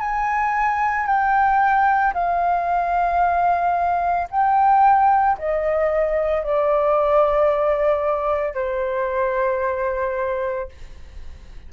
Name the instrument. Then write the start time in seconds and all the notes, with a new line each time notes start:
flute
0.00 G#5
1.07 G5
2.14 F5
4.31 G5
5.39 D#5
6.43 D5
8.55 C5